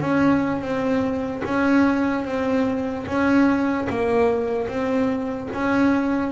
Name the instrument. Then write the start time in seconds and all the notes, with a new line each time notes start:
double bass
0.00 C#4
0.61 C4
1.44 C#4
2.24 C4
3.06 C#4
3.89 A#3
4.67 C4
5.53 C#4